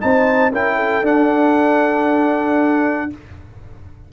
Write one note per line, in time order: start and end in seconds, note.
0.00 0.52 C4
0.00 0.52 D#4
0.00 0.52 C5
0.00 0.52 A5
0.52 1.02 C#4
0.52 1.03 E4
0.52 0.76 A#4
0.52 1.06 G5
0.76 3.09 A4
1.02 3.09 D4
1.02 3.10 D4
1.02 3.12 F#5